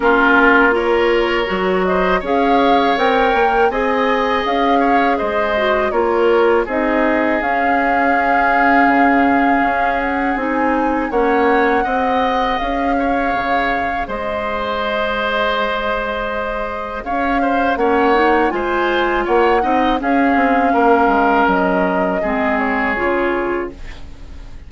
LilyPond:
<<
  \new Staff \with { instrumentName = "flute" } { \time 4/4 \tempo 4 = 81 ais'4 cis''4. dis''8 f''4 | g''4 gis''4 f''4 dis''4 | cis''4 dis''4 f''2~ | f''4. fis''8 gis''4 fis''4~ |
fis''4 f''2 dis''4~ | dis''2. f''4 | fis''4 gis''4 fis''4 f''4~ | f''4 dis''4. cis''4. | }
  \new Staff \with { instrumentName = "oboe" } { \time 4/4 f'4 ais'4. c''8 cis''4~ | cis''4 dis''4. cis''8 c''4 | ais'4 gis'2.~ | gis'2. cis''4 |
dis''4. cis''4. c''4~ | c''2. cis''8 c''8 | cis''4 c''4 cis''8 dis''8 gis'4 | ais'2 gis'2 | }
  \new Staff \with { instrumentName = "clarinet" } { \time 4/4 cis'4 f'4 fis'4 gis'4 | ais'4 gis'2~ gis'8 fis'8 | f'4 dis'4 cis'2~ | cis'2 dis'4 cis'4 |
gis'1~ | gis'1 | cis'8 dis'8 f'4. dis'8 cis'4~ | cis'2 c'4 f'4 | }
  \new Staff \with { instrumentName = "bassoon" } { \time 4/4 ais2 fis4 cis'4 | c'8 ais8 c'4 cis'4 gis4 | ais4 c'4 cis'2 | cis4 cis'4 c'4 ais4 |
c'4 cis'4 cis4 gis4~ | gis2. cis'4 | ais4 gis4 ais8 c'8 cis'8 c'8 | ais8 gis8 fis4 gis4 cis4 | }
>>